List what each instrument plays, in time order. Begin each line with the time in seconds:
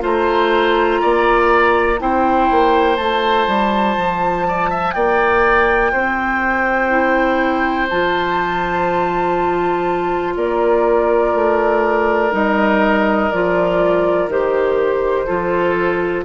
0.00 bassoon A3, clarinet F4, oboe C5, flute A#5
1.02 bassoon A#3, oboe D5
2.00 bassoon C4, clarinet E4, oboe C5, flute G5
2.51 bassoon A#3
2.97 bassoon A3, clarinet F4, flute A5
3.48 bassoon G3
3.97 bassoon F3
4.48 oboe D5
4.70 oboe E5
4.92 bassoon A#3, oboe D5, flute G5
5.92 bassoon C4, oboe C5
6.90 clarinet E4
7.89 bassoon F3, clarinet F4, flute A5
10.36 bassoon A#3, oboe A#4, flute D5
11.34 bassoon A3
12.32 bassoon G3, clarinet D#4, flute D#5
13.32 bassoon F3, clarinet F4, flute D5
14.28 bassoon D#3, clarinet G4, flute C5
15.26 bassoon F3, clarinet F4, oboe A4